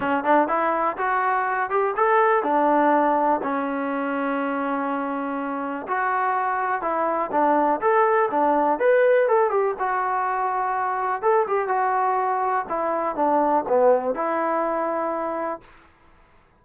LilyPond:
\new Staff \with { instrumentName = "trombone" } { \time 4/4 \tempo 4 = 123 cis'8 d'8 e'4 fis'4. g'8 | a'4 d'2 cis'4~ | cis'1 | fis'2 e'4 d'4 |
a'4 d'4 b'4 a'8 g'8 | fis'2. a'8 g'8 | fis'2 e'4 d'4 | b4 e'2. | }